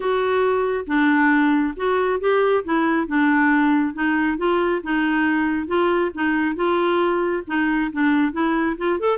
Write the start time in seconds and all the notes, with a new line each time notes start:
0.00 F#4
0.86 D4
1.76 F#4
2.20 G4
2.64 E4
3.07 D4
3.94 D#4
4.37 F4
4.83 D#4
5.67 F4
6.14 D#4
6.55 F4
7.47 D#4
7.92 D4
8.32 E4
8.77 F4
8.99 A4